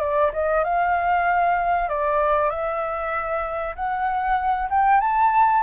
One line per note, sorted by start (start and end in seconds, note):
0.00 0.31 D5
0.33 0.64 D#5
0.64 1.89 F5
1.89 2.50 D5
2.50 3.75 E5
3.76 4.69 F#5
4.70 5.01 G5
5.01 5.63 A5